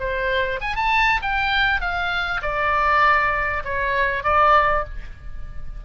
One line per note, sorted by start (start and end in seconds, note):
0.00 0.61 C5
0.61 0.76 G#5
0.76 1.22 A5
1.22 1.81 G5
1.81 2.42 F5
2.42 3.64 D5
3.65 4.24 C#5
4.24 4.85 D5